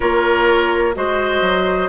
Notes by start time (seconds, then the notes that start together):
0.00 A#3 F4 A#4 C#5
0.94 G#3 F#4 C5 D#5
1.41 F#3